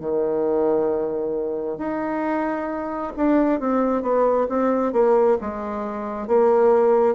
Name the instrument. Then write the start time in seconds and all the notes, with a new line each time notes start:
bassoon
0.00 D#3
1.78 D#4
3.17 D4
3.60 C4
4.03 B3
4.49 C4
4.93 A#3
5.41 G#3
6.28 A#3